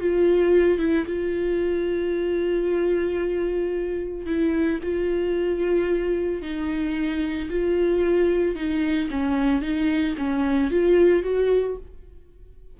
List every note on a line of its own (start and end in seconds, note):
0.00 0.78 F4
0.78 1.05 E4
1.06 4.26 F4
4.26 4.79 E4
4.82 6.42 F4
6.42 7.49 D#4
7.50 8.55 F4
8.55 9.09 D#4
9.10 9.62 C#4
9.62 10.15 D#4
10.18 10.70 C#4
10.70 11.23 F4
11.23 11.76 F#4